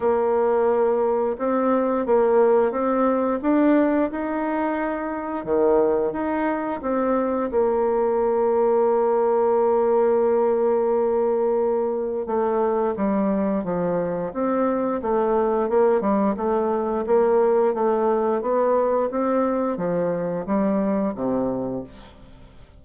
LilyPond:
\new Staff \with { instrumentName = "bassoon" } { \time 4/4 \tempo 4 = 88 ais2 c'4 ais4 | c'4 d'4 dis'2 | dis4 dis'4 c'4 ais4~ | ais1~ |
ais2 a4 g4 | f4 c'4 a4 ais8 g8 | a4 ais4 a4 b4 | c'4 f4 g4 c4 | }